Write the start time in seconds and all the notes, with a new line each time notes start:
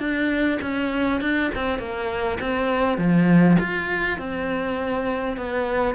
0.00 D4
0.62 C#4
1.21 D4
1.56 C4
1.80 A#3
2.41 C4
2.98 F3
3.60 F4
4.19 C4
5.38 B3